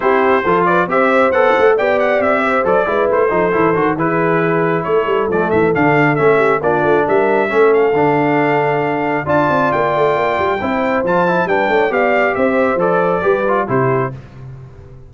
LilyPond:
<<
  \new Staff \with { instrumentName = "trumpet" } { \time 4/4 \tempo 4 = 136 c''4. d''8 e''4 fis''4 | g''8 fis''8 e''4 d''4 c''4~ | c''4 b'2 cis''4 | d''8 e''8 f''4 e''4 d''4 |
e''4. f''2~ f''8~ | f''4 a''4 g''2~ | g''4 a''4 g''4 f''4 | e''4 d''2 c''4 | }
  \new Staff \with { instrumentName = "horn" } { \time 4/4 g'4 a'8 b'8 c''2 | d''4. c''4 b'4 a'8~ | a'4 gis'2 a'4~ | a'2~ a'8 g'8 f'4 |
ais'4 a'2.~ | a'4 d''2. | c''2 b'8 cis''8 d''4 | c''2 b'4 g'4 | }
  \new Staff \with { instrumentName = "trombone" } { \time 4/4 e'4 f'4 g'4 a'4 | g'2 a'8 e'4 dis'8 | e'8 fis'8 e'2. | a4 d'4 cis'4 d'4~ |
d'4 cis'4 d'2~ | d'4 f'2. | e'4 f'8 e'8 d'4 g'4~ | g'4 a'4 g'8 f'8 e'4 | }
  \new Staff \with { instrumentName = "tuba" } { \time 4/4 c'4 f4 c'4 b8 a8 | b4 c'4 fis8 gis8 a8 f8 | e8 dis8 e2 a8 g8 | f8 e8 d4 a4 ais8 a8 |
g4 a4 d2~ | d4 d'8 c'8 ais8 a8 ais8 g8 | c'4 f4 g8 a8 b4 | c'4 f4 g4 c4 | }
>>